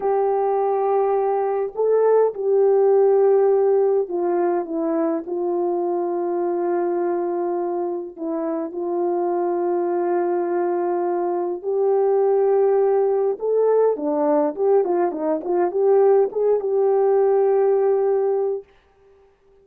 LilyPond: \new Staff \with { instrumentName = "horn" } { \time 4/4 \tempo 4 = 103 g'2. a'4 | g'2. f'4 | e'4 f'2.~ | f'2 e'4 f'4~ |
f'1 | g'2. a'4 | d'4 g'8 f'8 dis'8 f'8 g'4 | gis'8 g'2.~ g'8 | }